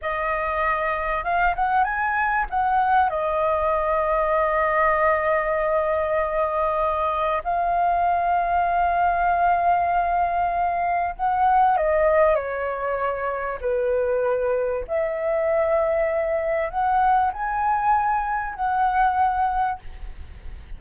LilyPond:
\new Staff \with { instrumentName = "flute" } { \time 4/4 \tempo 4 = 97 dis''2 f''8 fis''8 gis''4 | fis''4 dis''2.~ | dis''1 | f''1~ |
f''2 fis''4 dis''4 | cis''2 b'2 | e''2. fis''4 | gis''2 fis''2 | }